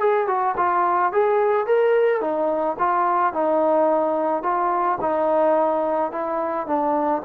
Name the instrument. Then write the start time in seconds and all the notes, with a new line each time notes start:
trombone
0.00 G#4
0.28 F#4
0.57 F4
1.13 G#4
1.67 A#4
2.21 D#4
2.79 F4
3.34 D#4
4.43 F4
5.01 D#4
6.12 E4
6.67 D4